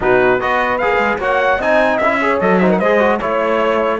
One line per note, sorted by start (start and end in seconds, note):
0.00 0.41 B2
0.00 0.40 D#4
0.00 0.40 F#4
0.00 0.41 B4
0.40 0.82 B3
0.40 0.80 F#4
0.40 1.18 B4
0.40 0.78 D#5
0.78 0.98 A#3
0.78 1.20 G#4
0.78 1.18 F5
0.98 1.18 G#3
1.18 1.58 A#3
1.18 1.60 F#4
1.18 1.58 C#5
1.18 1.61 F#5
1.58 1.98 C4
1.58 2.01 D#4
1.58 2.18 D#5
1.58 1.97 G#5
1.97 2.40 C#4
1.97 2.21 E4
1.97 2.37 E5
2.21 2.41 G#4
2.21 2.60 C#5
2.40 2.80 F#3
2.40 2.61 A4
2.40 2.58 D#5
2.58 2.81 D#4
2.58 2.69 C5
2.58 2.68 E5
2.69 2.78 A#4
2.69 2.79 F#5
2.78 3.20 G#3
2.78 2.99 G#4
2.78 3.18 C5
2.78 3.19 D#5
2.99 3.19 F#4
3.19 3.99 A3
3.19 3.99 E4
3.19 3.99 C#5